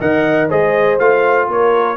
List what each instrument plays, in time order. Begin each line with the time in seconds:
0.00 tuba D#3, trombone A#4, horn D#5, trumpet F#5
0.49 tuba G#3, trombone G#4, horn C5, trumpet D#5
0.99 tuba A3, trombone F4, trumpet F5
1.48 tuba A#3, horn A#4, trumpet C#5